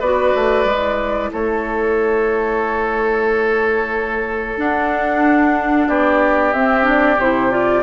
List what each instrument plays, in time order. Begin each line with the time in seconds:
0.00 bassoon B3, clarinet F#4, oboe B4, flute D5
0.35 bassoon A3
0.65 bassoon G#3, clarinet E4
1.33 bassoon A3, oboe A4, flute C#5
4.58 bassoon D4, clarinet D4, flute F#5
5.88 bassoon B3, oboe G4, flute D5
6.53 bassoon C4, clarinet C4, flute E5
6.83 clarinet D4
6.90 flute D5
7.18 bassoon C3, clarinet E4, flute C5
7.51 clarinet F4, flute D5